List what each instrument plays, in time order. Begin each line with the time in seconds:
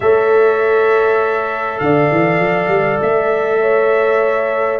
0.00 tuba A3, trombone A4, horn C#5, trumpet E5
1.79 tuba D3, horn D5, trumpet F5
2.11 tuba E3
2.39 tuba F3
2.68 tuba G3
3.01 tuba A3, trumpet E5
3.61 horn C#5